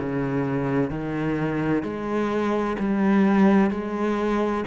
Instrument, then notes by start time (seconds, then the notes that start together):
cello
0.00 C#3
0.90 D#3
1.83 G#3
2.79 G3
3.71 G#3